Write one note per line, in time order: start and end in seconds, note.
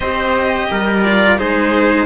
0.00 0.68 C4
0.00 1.04 G4
0.00 0.69 C5
0.00 1.03 D#5
0.70 1.39 G3
0.70 1.39 A#4
1.03 1.38 F4
1.03 1.38 D5
1.38 2.05 G#3
1.38 2.05 D#4
1.38 2.05 G#4
1.38 2.05 C5